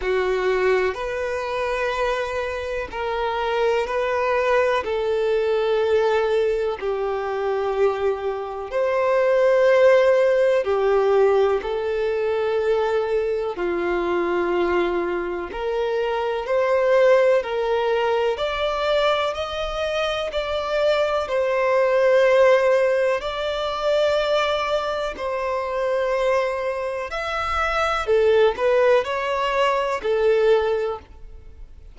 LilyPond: \new Staff \with { instrumentName = "violin" } { \time 4/4 \tempo 4 = 62 fis'4 b'2 ais'4 | b'4 a'2 g'4~ | g'4 c''2 g'4 | a'2 f'2 |
ais'4 c''4 ais'4 d''4 | dis''4 d''4 c''2 | d''2 c''2 | e''4 a'8 b'8 cis''4 a'4 | }